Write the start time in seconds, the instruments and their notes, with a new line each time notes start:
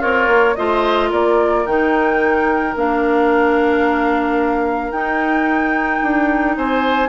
0.00 bassoon C4, oboe F4, clarinet A#4, flute C#5
0.27 bassoon A#3
0.56 bassoon A3, clarinet F4, oboe C5, flute D#5
1.10 bassoon A#3, oboe A#4, flute D5
1.66 bassoon D#3, clarinet D#4, flute G5
2.76 bassoon A#3, clarinet D4, flute F5
4.91 bassoon D#4, clarinet D#4, flute G5
6.02 bassoon D4
6.57 bassoon C4, oboe C5, flute G#5